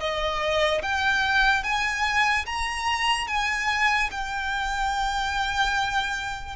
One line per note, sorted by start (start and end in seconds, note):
0.00 0.82 D#5
0.83 1.63 G5
1.63 2.45 G#5
2.46 3.28 A#5
3.28 4.10 G#5
4.11 6.56 G5